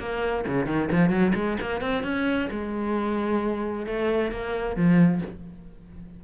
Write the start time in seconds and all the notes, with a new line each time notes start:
0.00 A#3
0.47 C#3
0.67 D#3
0.92 F3
1.10 F#3
1.35 G#3
1.61 A#3
1.81 C4
2.04 C#4
2.51 G#3
3.87 A3
4.32 A#3
4.76 F3